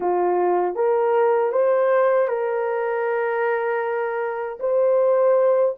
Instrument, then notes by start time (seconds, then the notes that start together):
horn
0.00 F4
0.75 A#4
1.52 C5
2.28 A#4
4.59 C5